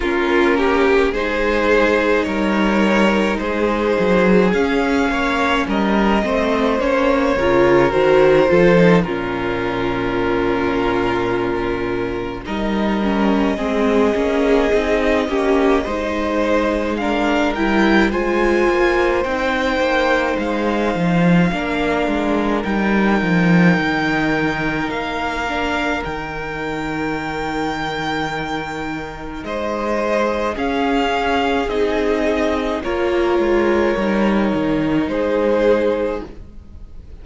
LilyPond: <<
  \new Staff \with { instrumentName = "violin" } { \time 4/4 \tempo 4 = 53 ais'4 c''4 cis''4 c''4 | f''4 dis''4 cis''4 c''4 | ais'2. dis''4~ | dis''2. f''8 g''8 |
gis''4 g''4 f''2 | g''2 f''4 g''4~ | g''2 dis''4 f''4 | dis''4 cis''2 c''4 | }
  \new Staff \with { instrumentName = "violin" } { \time 4/4 f'8 g'8 gis'4 ais'4 gis'4~ | gis'8 cis''8 ais'8 c''4 ais'4 a'8 | f'2. ais'4 | gis'4. g'8 c''4 ais'4 |
c''2. ais'4~ | ais'1~ | ais'2 c''4 gis'4~ | gis'4 ais'2 gis'4 | }
  \new Staff \with { instrumentName = "viola" } { \time 4/4 cis'4 dis'2. | cis'4. c'8 cis'8 f'8 fis'8 f'16 dis'16 | cis'2. dis'8 cis'8 | c'8 cis'8 dis'8 cis'8 dis'4 d'8 e'8 |
f'4 dis'2 d'4 | dis'2~ dis'8 d'8 dis'4~ | dis'2. cis'4 | dis'4 f'4 dis'2 | }
  \new Staff \with { instrumentName = "cello" } { \time 4/4 ais4 gis4 g4 gis8 fis8 | cis'8 ais8 g8 a8 ais8 cis8 dis8 f8 | ais,2. g4 | gis8 ais8 c'8 ais8 gis4. g8 |
gis8 ais8 c'8 ais8 gis8 f8 ais8 gis8 | g8 f8 dis4 ais4 dis4~ | dis2 gis4 cis'4 | c'4 ais8 gis8 g8 dis8 gis4 | }
>>